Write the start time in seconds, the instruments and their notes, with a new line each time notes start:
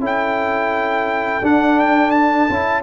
0.00 tuba C#4, trombone E4, horn A4, trumpet G5
1.41 tuba D4, trombone D4, trumpet F#5
1.79 trumpet G5
2.10 trumpet A5
2.49 tuba C#4, trombone E4